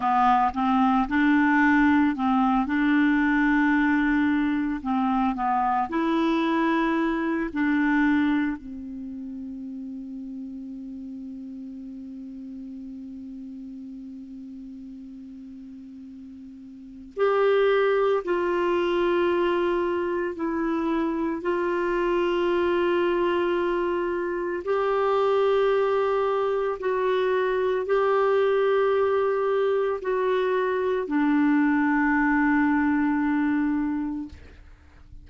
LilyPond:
\new Staff \with { instrumentName = "clarinet" } { \time 4/4 \tempo 4 = 56 b8 c'8 d'4 c'8 d'4.~ | d'8 c'8 b8 e'4. d'4 | c'1~ | c'1 |
g'4 f'2 e'4 | f'2. g'4~ | g'4 fis'4 g'2 | fis'4 d'2. | }